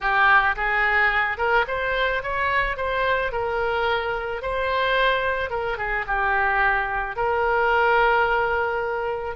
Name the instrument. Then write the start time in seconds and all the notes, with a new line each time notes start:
oboe
0.00 G4
0.56 G#4
1.37 A#4
1.67 C5
2.22 C#5
2.76 C5
3.32 A#4
4.42 C5
5.50 A#4
5.77 G#4
6.07 G4
7.16 A#4